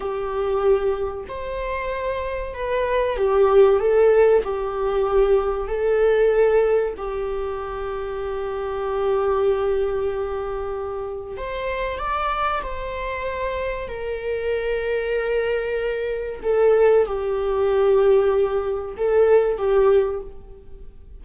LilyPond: \new Staff \with { instrumentName = "viola" } { \time 4/4 \tempo 4 = 95 g'2 c''2 | b'4 g'4 a'4 g'4~ | g'4 a'2 g'4~ | g'1~ |
g'2 c''4 d''4 | c''2 ais'2~ | ais'2 a'4 g'4~ | g'2 a'4 g'4 | }